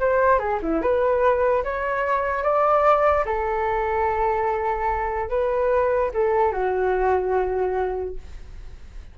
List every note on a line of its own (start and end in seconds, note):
0.00 0.39 C5
0.39 0.60 G#4
0.63 0.82 E4
0.82 1.64 B4
1.64 2.43 C#5
2.43 3.25 D5
3.26 5.30 A4
5.30 6.12 B4
6.14 6.53 A4
6.53 8.16 F#4